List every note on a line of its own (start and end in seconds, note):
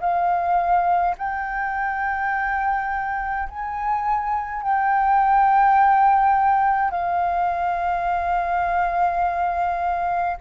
0.00 1.15 F5
1.17 3.48 G5
3.49 4.63 G#5
4.63 6.91 G5
6.91 10.37 F5